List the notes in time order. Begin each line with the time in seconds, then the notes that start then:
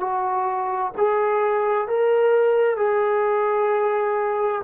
0.00 F#4
0.98 G#4
1.88 A#4
2.77 G#4